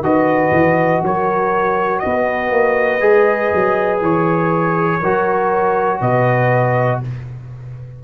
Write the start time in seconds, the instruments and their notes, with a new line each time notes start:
0.00 tuba D#3, trombone F#4, horn B4, trumpet D#5
0.51 tuba E3
1.02 tuba F#3, horn A#4, trumpet C#5
1.99 tuba B3, horn B4, trumpet D#5
2.50 tuba A#3
3.00 tuba G#3, trombone G#4
3.54 tuba F#3
4.00 tuba E3, trumpet C#5
4.99 tuba F#3, trombone F#4, horn A#4
6.00 tuba B2, horn B4, trumpet D#5